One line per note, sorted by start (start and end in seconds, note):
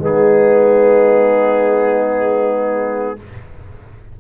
0.00 3.16 G#3
0.00 3.17 B3
0.00 3.17 D#4
0.00 3.20 G#4